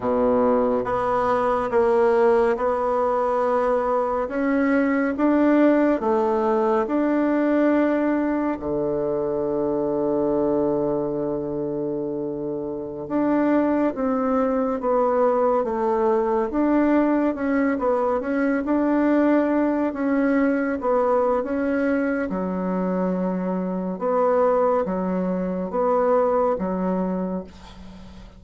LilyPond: \new Staff \with { instrumentName = "bassoon" } { \time 4/4 \tempo 4 = 70 b,4 b4 ais4 b4~ | b4 cis'4 d'4 a4 | d'2 d2~ | d2.~ d16 d'8.~ |
d'16 c'4 b4 a4 d'8.~ | d'16 cis'8 b8 cis'8 d'4. cis'8.~ | cis'16 b8. cis'4 fis2 | b4 fis4 b4 fis4 | }